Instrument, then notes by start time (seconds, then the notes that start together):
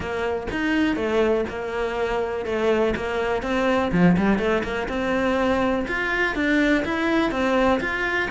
cello
0.00 A#3
0.51 D#4
0.96 A3
1.49 A#3
2.45 A3
2.96 A#3
3.42 C4
3.92 F3
4.17 G3
4.38 A3
4.63 A#3
4.88 C4
5.87 F4
6.35 D4
6.84 E4
7.31 C4
7.80 F4